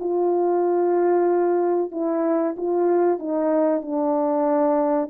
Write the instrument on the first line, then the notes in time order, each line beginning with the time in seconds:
horn
0.00 F4
1.92 E4
2.57 F4
3.19 D#4
3.82 D4